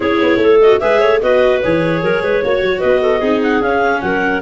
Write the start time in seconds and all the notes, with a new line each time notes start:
0.00 C#4 E4 G#4 C#5
0.22 B3
0.36 A3 A4
0.61 F#4 D#5
0.79 G#3 G#4 B4 E5
0.99 A3 C#5
1.21 B3 F#4 B4 D#5
1.62 E3 G#4 C#5
2.02 F#3 A#4
2.22 G#3 B4
2.42 A#3 F#4 C#5
2.61 F#3
2.79 B3 B4 D#5
3.01 A4
3.19 C4 D#4 G#4
3.42 F#5
3.60 C#4 F5
4.01 F#3 A#4 F#5